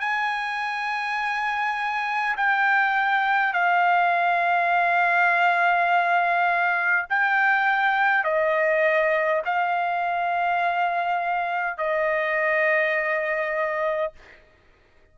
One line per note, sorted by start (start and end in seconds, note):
0.00 2.35 G#5
2.37 3.53 G5
3.53 7.06 F5
7.09 8.24 G5
8.24 9.42 D#5
9.45 11.78 F5
11.78 14.13 D#5